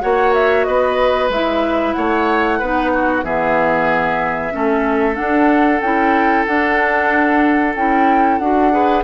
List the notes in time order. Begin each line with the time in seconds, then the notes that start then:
0.00 A#3 F#4 C#5 F#5
0.33 E5
0.64 B3 B4 D#5
1.29 G#3 E4 E5
1.92 A3 C#5 F#5
2.58 B3 D#4 B4
2.93 F#4
3.23 E3 B3 G#4 E5
4.51 A3 C#4 A4
5.14 D4 F#5
5.80 C#4 E4 G5
6.45 D4 F#5
7.75 C#4 E4 G5
8.38 D4 F#4 F#5
8.71 G#4 B4